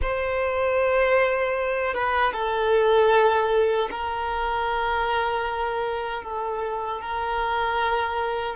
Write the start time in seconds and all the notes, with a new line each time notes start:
0.02 C5
1.93 B4
2.32 A4
3.90 A#4
6.23 A4
7.01 A#4